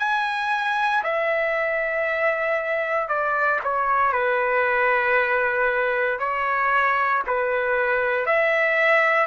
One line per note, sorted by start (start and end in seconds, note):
0.00 1.03 G#5
1.04 3.09 E5
3.09 3.61 D5
3.64 4.13 C#5
4.13 6.20 B4
6.20 7.23 C#5
7.27 8.27 B4
8.27 9.27 E5